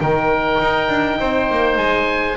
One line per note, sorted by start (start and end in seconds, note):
0.00 0.60 D#3
0.00 2.37 D#4
0.00 1.20 A#4
0.00 1.78 G5
0.62 0.89 D#4
0.89 1.18 D4
1.20 1.50 C4
1.20 2.37 C5
1.50 1.77 A#3
1.77 2.37 G#3
1.77 2.37 G#5